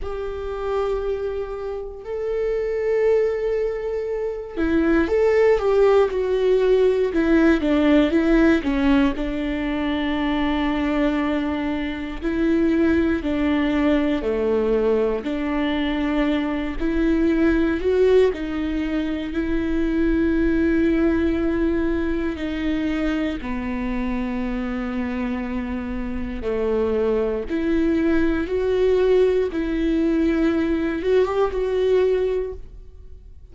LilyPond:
\new Staff \with { instrumentName = "viola" } { \time 4/4 \tempo 4 = 59 g'2 a'2~ | a'8 e'8 a'8 g'8 fis'4 e'8 d'8 | e'8 cis'8 d'2. | e'4 d'4 a4 d'4~ |
d'8 e'4 fis'8 dis'4 e'4~ | e'2 dis'4 b4~ | b2 a4 e'4 | fis'4 e'4. fis'16 g'16 fis'4 | }